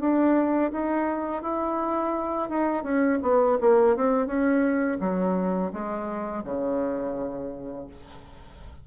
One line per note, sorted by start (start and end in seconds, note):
0.00 0.71 D4
0.72 1.43 D#4
1.43 2.50 E4
2.50 2.84 D#4
2.84 3.19 C#4
3.23 3.58 B3
3.61 3.96 A#3
3.96 4.27 C4
4.27 4.98 C#4
5.01 5.72 F#3
5.73 6.44 G#3
6.44 7.87 C#3